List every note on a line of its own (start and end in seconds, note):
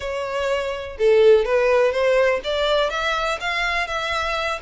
0.00 0.97 C#5
0.98 1.45 A4
1.45 1.92 B4
1.92 2.40 C5
2.44 2.90 D5
2.90 3.38 E5
3.40 3.87 F5
3.87 4.59 E5